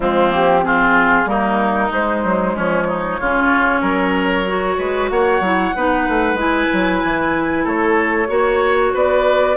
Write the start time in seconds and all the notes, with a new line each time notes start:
0.00 F3 G#3 C4 F4
0.30 A#3 G4
0.62 C4 F4 G#4
1.25 G3 A#3 D#4 A#4
1.91 G#3 C5
2.24 F#3
2.54 F3 C#4 C#5
2.88 D#4
3.19 C#3 C#4 F4
3.81 F#3 A#4
4.46 F#4
4.78 G#3 B4
5.09 A#3 C#5 F#5
5.40 F#3 E4
5.75 B3 D#4 B4
6.08 A3
6.34 G#3 E4
6.40 G#5
6.72 F#3
7.03 E3
7.64 A3 A4 C#5
8.27 A#3 F#4 C#5
8.93 B3 B4 D5